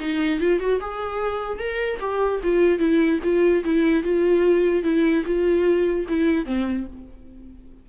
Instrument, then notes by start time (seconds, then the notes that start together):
viola
0.00 D#4
0.40 F4
0.60 F#4
0.81 G#4
1.59 A#4
2.00 G4
2.43 F4
2.79 E4
3.23 F4
3.64 E4
4.03 F4
4.83 E4
5.26 F4
6.08 E4
6.46 C4